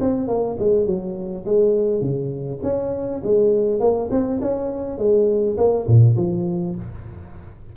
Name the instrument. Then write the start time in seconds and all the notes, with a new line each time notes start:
tuba
0.00 C4
0.27 A#3
0.59 G#3
0.86 F#3
1.45 G#3
2.01 C#3
2.62 C#4
3.23 G#3
3.79 A#3
4.10 C4
4.41 C#4
4.98 G#3
5.57 A#3
5.86 A#2
6.16 F3